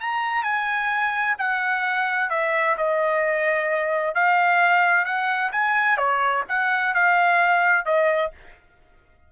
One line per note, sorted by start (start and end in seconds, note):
0.00 0.43 A#5
0.43 1.36 G#5
1.38 2.30 F#5
2.30 2.76 E5
2.77 4.14 D#5
4.14 5.05 F5
5.05 5.51 F#5
5.52 5.97 G#5
5.97 6.43 C#5
6.48 6.94 F#5
6.94 7.85 F5
7.85 8.31 D#5